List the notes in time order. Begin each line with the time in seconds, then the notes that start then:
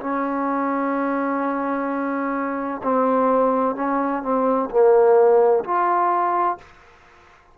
0.00 C#4
2.83 C4
3.75 C#4
4.22 C4
4.70 A#3
5.64 F4